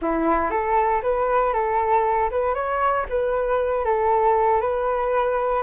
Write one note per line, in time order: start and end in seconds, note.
0.01 0.50 E4
0.50 1.01 A4
1.02 1.53 B4
1.53 2.30 A4
2.30 2.54 B4
2.54 3.05 C#5
3.09 3.84 B4
3.84 4.60 A4
4.60 5.62 B4